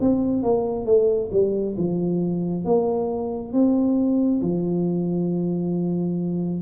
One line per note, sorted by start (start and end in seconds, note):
0.00 0.43 C4
0.43 0.85 A#3
0.85 1.30 A3
1.32 1.76 G3
1.77 2.64 F3
2.64 3.53 A#3
3.53 4.41 C4
4.41 6.61 F3